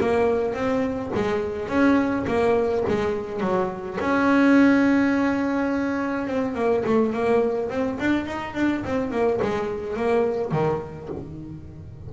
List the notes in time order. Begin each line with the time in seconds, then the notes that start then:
0.00 A#3
0.54 C4
1.15 G#3
1.68 C#4
2.27 A#3
2.88 G#3
3.40 F#3
4.00 C#4
6.27 C4
6.55 A#3
6.85 A3
7.13 A#3
7.69 C4
7.99 D4
8.26 D#4
8.55 D4
8.84 C4
9.11 A#3
9.42 G#3
9.96 A#3
10.51 D#3